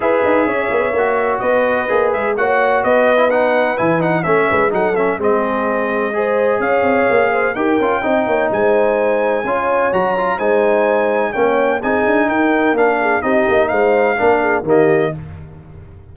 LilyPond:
<<
  \new Staff \with { instrumentName = "trumpet" } { \time 4/4 \tempo 4 = 127 e''2. dis''4~ | dis''8 e''8 fis''4 dis''4 fis''4 | gis''8 fis''8 e''4 fis''8 e''8 dis''4~ | dis''2 f''2 |
g''2 gis''2~ | gis''4 ais''4 gis''2 | g''4 gis''4 g''4 f''4 | dis''4 f''2 dis''4 | }
  \new Staff \with { instrumentName = "horn" } { \time 4/4 b'4 cis''2 b'4~ | b'4 cis''4 b'2~ | b'4 cis''8 b'8 a'4 gis'4~ | gis'4 c''4 cis''4. c''8 |
ais'4 dis''8 cis''8 c''2 | cis''2 c''2 | cis''4 gis'4 ais'4. gis'8 | g'4 c''4 ais'8 gis'8 g'4 | }
  \new Staff \with { instrumentName = "trombone" } { \time 4/4 gis'2 fis'2 | gis'4 fis'4.~ fis'16 e'16 dis'4 | e'8 dis'8 cis'4 dis'8 cis'8 c'4~ | c'4 gis'2. |
g'8 f'8 dis'2. | f'4 fis'8 f'8 dis'2 | cis'4 dis'2 d'4 | dis'2 d'4 ais4 | }
  \new Staff \with { instrumentName = "tuba" } { \time 4/4 e'8 dis'8 cis'8 b8 ais4 b4 | ais8 gis8 ais4 b2 | e4 a8 gis8 fis4 gis4~ | gis2 cis'8 c'8 ais4 |
dis'8 cis'8 c'8 ais8 gis2 | cis'4 fis4 gis2 | ais4 c'8 d'8 dis'4 ais4 | c'8 ais8 gis4 ais4 dis4 | }
>>